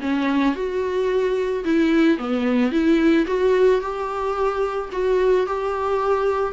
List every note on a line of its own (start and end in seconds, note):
0.00 0.54 C#4
0.54 1.63 F#4
1.64 2.17 E4
2.17 2.71 B3
2.71 3.26 E4
3.27 3.81 F#4
3.81 4.90 G4
4.92 5.46 F#4
5.46 6.53 G4